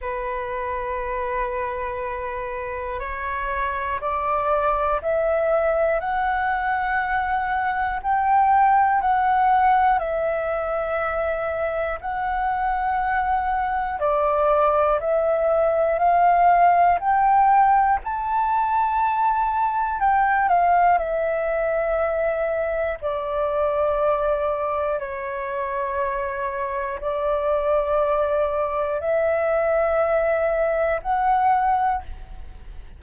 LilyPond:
\new Staff \with { instrumentName = "flute" } { \time 4/4 \tempo 4 = 60 b'2. cis''4 | d''4 e''4 fis''2 | g''4 fis''4 e''2 | fis''2 d''4 e''4 |
f''4 g''4 a''2 | g''8 f''8 e''2 d''4~ | d''4 cis''2 d''4~ | d''4 e''2 fis''4 | }